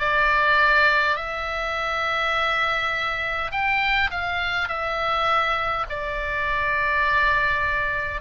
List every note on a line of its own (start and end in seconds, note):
0.00 1.16 D5
1.16 3.51 E5
3.52 4.11 G5
4.11 4.68 F5
4.68 5.86 E5
5.90 8.21 D5